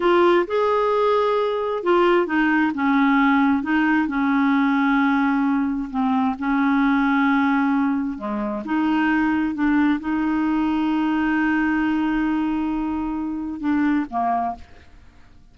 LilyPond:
\new Staff \with { instrumentName = "clarinet" } { \time 4/4 \tempo 4 = 132 f'4 gis'2. | f'4 dis'4 cis'2 | dis'4 cis'2.~ | cis'4 c'4 cis'2~ |
cis'2 gis4 dis'4~ | dis'4 d'4 dis'2~ | dis'1~ | dis'2 d'4 ais4 | }